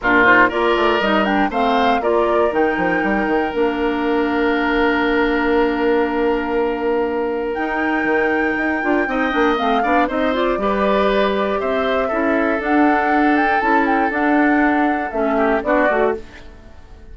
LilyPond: <<
  \new Staff \with { instrumentName = "flute" } { \time 4/4 \tempo 4 = 119 ais'8 c''8 d''4 dis''8 g''8 f''4 | d''4 g''2 f''4~ | f''1~ | f''2. g''4~ |
g''2. f''4 | dis''8 d''2~ d''8 e''4~ | e''4 fis''4. g''8 a''8 g''8 | fis''2 e''4 d''4 | }
  \new Staff \with { instrumentName = "oboe" } { \time 4/4 f'4 ais'2 c''4 | ais'1~ | ais'1~ | ais'1~ |
ais'2 dis''4. d''8 | c''4 b'2 c''4 | a'1~ | a'2~ a'8 g'8 fis'4 | }
  \new Staff \with { instrumentName = "clarinet" } { \time 4/4 d'8 dis'8 f'4 dis'8 d'8 c'4 | f'4 dis'2 d'4~ | d'1~ | d'2. dis'4~ |
dis'4. f'8 dis'8 d'8 c'8 d'8 | dis'8 f'8 g'2. | e'4 d'2 e'4 | d'2 cis'4 d'8 fis'8 | }
  \new Staff \with { instrumentName = "bassoon" } { \time 4/4 ais,4 ais8 a8 g4 a4 | ais4 dis8 f8 g8 dis8 ais4~ | ais1~ | ais2. dis'4 |
dis4 dis'8 d'8 c'8 ais8 a8 b8 | c'4 g2 c'4 | cis'4 d'2 cis'4 | d'2 a4 b8 a8 | }
>>